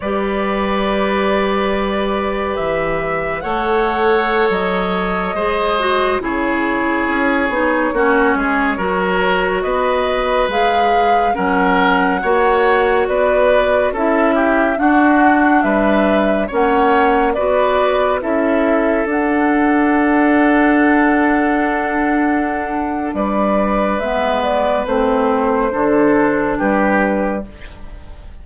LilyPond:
<<
  \new Staff \with { instrumentName = "flute" } { \time 4/4 \tempo 4 = 70 d''2. e''4 | fis''4~ fis''16 dis''2 cis''8.~ | cis''2.~ cis''16 dis''8.~ | dis''16 f''4 fis''2 d''8.~ |
d''16 e''4 fis''4 e''4 fis''8.~ | fis''16 d''4 e''4 fis''4.~ fis''16~ | fis''2. d''4 | e''8 d''8 c''2 b'4 | }
  \new Staff \with { instrumentName = "oboe" } { \time 4/4 b'1 | cis''2~ cis''16 c''4 gis'8.~ | gis'4~ gis'16 fis'8 gis'8 ais'4 b'8.~ | b'4~ b'16 ais'4 cis''4 b'8.~ |
b'16 a'8 g'8 fis'4 b'4 cis''8.~ | cis''16 b'4 a'2~ a'8.~ | a'2. b'4~ | b'2 a'4 g'4 | }
  \new Staff \with { instrumentName = "clarinet" } { \time 4/4 g'1 | a'2~ a'16 gis'8 fis'8 e'8.~ | e'8. dis'8 cis'4 fis'4.~ fis'16~ | fis'16 gis'4 cis'4 fis'4.~ fis'16~ |
fis'16 e'4 d'2 cis'8.~ | cis'16 fis'4 e'4 d'4.~ d'16~ | d'1 | b4 c'4 d'2 | }
  \new Staff \with { instrumentName = "bassoon" } { \time 4/4 g2. e4 | a4~ a16 fis4 gis4 cis8.~ | cis16 cis'8 b8 ais8 gis8 fis4 b8.~ | b16 gis4 fis4 ais4 b8.~ |
b16 cis'4 d'4 g4 ais8.~ | ais16 b4 cis'4 d'4.~ d'16~ | d'2. g4 | gis4 a4 d4 g4 | }
>>